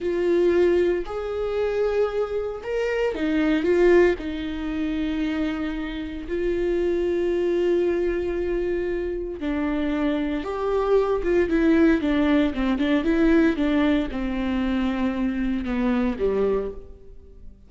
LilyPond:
\new Staff \with { instrumentName = "viola" } { \time 4/4 \tempo 4 = 115 f'2 gis'2~ | gis'4 ais'4 dis'4 f'4 | dis'1 | f'1~ |
f'2 d'2 | g'4. f'8 e'4 d'4 | c'8 d'8 e'4 d'4 c'4~ | c'2 b4 g4 | }